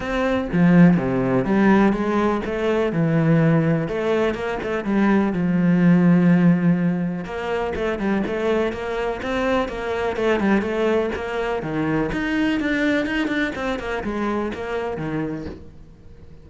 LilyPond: \new Staff \with { instrumentName = "cello" } { \time 4/4 \tempo 4 = 124 c'4 f4 c4 g4 | gis4 a4 e2 | a4 ais8 a8 g4 f4~ | f2. ais4 |
a8 g8 a4 ais4 c'4 | ais4 a8 g8 a4 ais4 | dis4 dis'4 d'4 dis'8 d'8 | c'8 ais8 gis4 ais4 dis4 | }